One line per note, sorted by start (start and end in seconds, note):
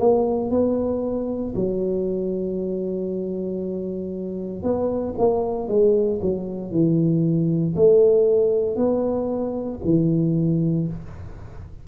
0.00 0.51 A#3
0.51 1.54 B3
1.56 4.63 F#3
4.63 5.15 B3
5.19 5.68 A#3
5.68 6.20 G#3
6.22 6.72 F#3
6.72 7.75 E3
7.76 8.76 A3
8.76 9.80 B3
9.85 10.88 E3